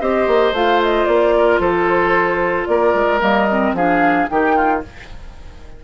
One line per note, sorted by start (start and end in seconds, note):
0.00 0.27 C4
0.00 0.54 G4
0.00 1.35 C5
0.00 0.54 D#5
0.27 0.52 A#3
0.52 1.05 A3
0.52 3.20 F4
0.52 0.81 F5
0.82 1.05 D#5
1.05 1.59 A#3
1.05 1.59 D5
1.37 1.60 A#4
1.59 2.66 F3
1.59 2.68 A4
1.59 2.66 C5
2.66 2.94 A#3
2.66 3.76 A#4
2.66 3.20 D5
2.94 3.21 G#3
3.20 3.73 G3
3.20 3.47 A#3
3.20 3.74 D#5
3.51 3.77 C4
3.73 4.27 F3
3.73 4.29 D4
3.73 4.29 G#4
3.73 4.29 F5
4.29 4.84 D#3
4.29 4.82 D#4
4.29 4.55 G4
4.29 4.83 G5
4.55 4.82 F4